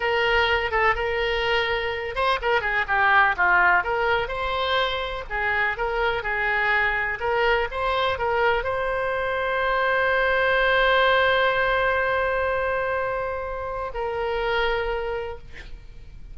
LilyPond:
\new Staff \with { instrumentName = "oboe" } { \time 4/4 \tempo 4 = 125 ais'4. a'8 ais'2~ | ais'8 c''8 ais'8 gis'8 g'4 f'4 | ais'4 c''2 gis'4 | ais'4 gis'2 ais'4 |
c''4 ais'4 c''2~ | c''1~ | c''1~ | c''4 ais'2. | }